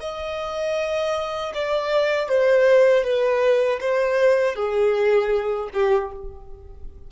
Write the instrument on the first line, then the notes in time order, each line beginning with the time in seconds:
violin
0.00 D#5
1.54 D5
2.29 C5
3.03 B4
3.80 C5
4.55 G#4
5.73 G4